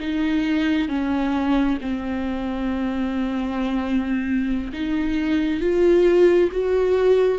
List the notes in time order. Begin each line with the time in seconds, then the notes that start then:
0.00 D#4
0.89 C#4
1.82 C4
4.73 D#4
5.61 F4
6.52 F#4